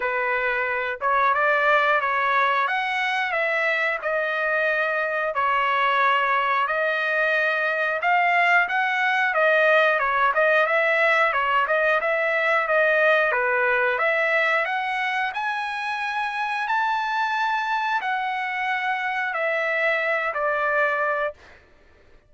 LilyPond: \new Staff \with { instrumentName = "trumpet" } { \time 4/4 \tempo 4 = 90 b'4. cis''8 d''4 cis''4 | fis''4 e''4 dis''2 | cis''2 dis''2 | f''4 fis''4 dis''4 cis''8 dis''8 |
e''4 cis''8 dis''8 e''4 dis''4 | b'4 e''4 fis''4 gis''4~ | gis''4 a''2 fis''4~ | fis''4 e''4. d''4. | }